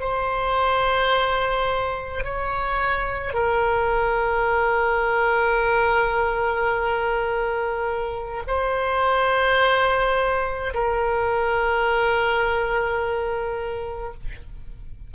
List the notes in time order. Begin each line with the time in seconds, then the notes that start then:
0.00 C5
2.24 C#5
3.34 A#4
8.47 C5
10.74 A#4